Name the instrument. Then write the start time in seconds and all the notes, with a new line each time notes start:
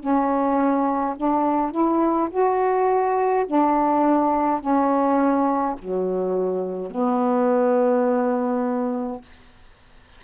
saxophone
0.00 C#4
1.16 D4
1.72 E4
2.31 F#4
3.47 D4
4.60 C#4
5.80 F#3
6.91 B3